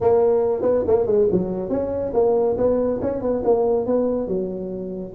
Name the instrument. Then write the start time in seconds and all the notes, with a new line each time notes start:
tuba
0.00 A#3
0.62 B3
0.87 A#3
1.06 G#3
1.31 F#3
1.69 C#4
2.13 A#3
2.57 B3
3.01 C#4
3.21 B3
3.44 A#3
3.86 B3
4.27 F#3